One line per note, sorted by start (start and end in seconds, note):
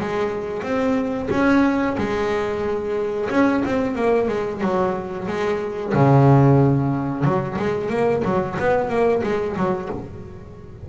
0.00 0.63 G#3
0.63 1.29 C4
1.30 1.96 C#4
1.98 3.29 G#3
3.30 3.63 C#4
3.65 3.95 C4
3.95 4.28 A#3
4.28 4.61 G#3
4.61 5.27 F#3
5.27 5.93 G#3
5.94 7.24 C#3
7.24 7.57 F#3
7.58 7.90 G#3
7.90 8.23 A#3
8.24 8.57 F#3
8.59 8.89 B3
8.89 9.22 A#3
9.23 9.56 G#3
9.56 9.89 F#3